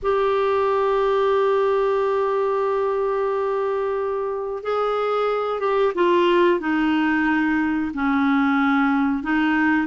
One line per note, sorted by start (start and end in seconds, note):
0.02 4.63 G4
4.63 5.60 G#4
5.60 5.93 G4
5.94 6.60 F4
6.60 7.92 D#4
7.94 9.23 C#4
9.23 9.86 D#4